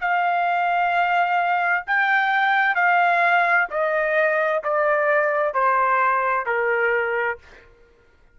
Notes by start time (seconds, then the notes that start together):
0.00 F5
1.87 G5
2.75 F5
3.70 D#5
4.64 D5
5.53 C5
6.46 A#4